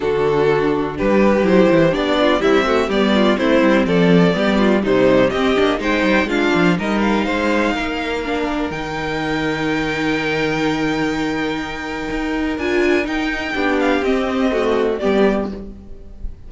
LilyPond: <<
  \new Staff \with { instrumentName = "violin" } { \time 4/4 \tempo 4 = 124 a'2 b'4 c''4 | d''4 e''4 d''4 c''4 | d''2 c''4 dis''4 | g''4 f''4 dis''8 f''4.~ |
f''2 g''2~ | g''1~ | g''2 gis''4 g''4~ | g''8 f''8 dis''2 d''4 | }
  \new Staff \with { instrumentName = "violin" } { \time 4/4 fis'2 g'2~ | g'8 f'8 e'8 fis'8 g'8 f'8 e'4 | a'4 g'8 f'8 dis'4 g'4 | c''4 f'4 ais'4 c''4 |
ais'1~ | ais'1~ | ais'1 | g'2 fis'4 g'4 | }
  \new Staff \with { instrumentName = "viola" } { \time 4/4 d'2. e'4 | d'4 g8 a8 b4 c'4~ | c'4 b4 g4 c'8 d'8 | dis'4 d'4 dis'2~ |
dis'4 d'4 dis'2~ | dis'1~ | dis'2 f'4 dis'4 | d'4 c'4 a4 b4 | }
  \new Staff \with { instrumentName = "cello" } { \time 4/4 d2 g4 fis8 e8 | b4 c'4 g4 a8 g8 | f4 g4 c4 c'8 ais8 | gis8 g8 gis8 f8 g4 gis4 |
ais2 dis2~ | dis1~ | dis4 dis'4 d'4 dis'4 | b4 c'2 g4 | }
>>